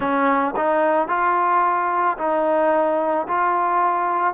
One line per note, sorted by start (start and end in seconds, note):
0.00 0.54 C#4
0.56 1.08 D#4
1.08 2.17 F4
2.18 3.27 D#4
3.28 4.33 F4